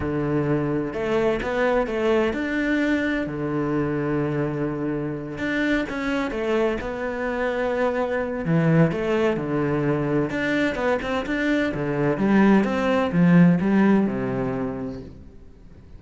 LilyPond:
\new Staff \with { instrumentName = "cello" } { \time 4/4 \tempo 4 = 128 d2 a4 b4 | a4 d'2 d4~ | d2.~ d8 d'8~ | d'8 cis'4 a4 b4.~ |
b2 e4 a4 | d2 d'4 b8 c'8 | d'4 d4 g4 c'4 | f4 g4 c2 | }